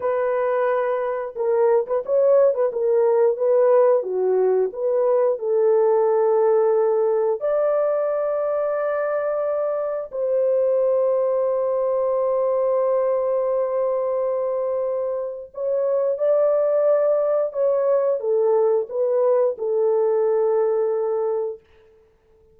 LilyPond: \new Staff \with { instrumentName = "horn" } { \time 4/4 \tempo 4 = 89 b'2 ais'8. b'16 cis''8. b'16 | ais'4 b'4 fis'4 b'4 | a'2. d''4~ | d''2. c''4~ |
c''1~ | c''2. cis''4 | d''2 cis''4 a'4 | b'4 a'2. | }